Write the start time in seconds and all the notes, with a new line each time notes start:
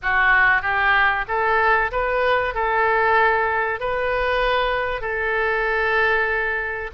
0.02 F#4
0.61 G4
1.28 A4
1.91 B4
2.54 A4
3.80 B4
5.01 A4